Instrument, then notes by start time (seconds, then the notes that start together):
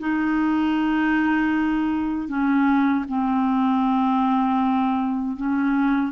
clarinet
0.00 D#4
2.29 C#4
3.09 C4
5.37 C#4